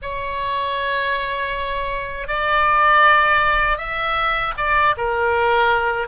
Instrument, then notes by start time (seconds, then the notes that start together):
oboe
0.01 C#5
2.28 D5
3.77 E5
4.57 D5
4.97 A#4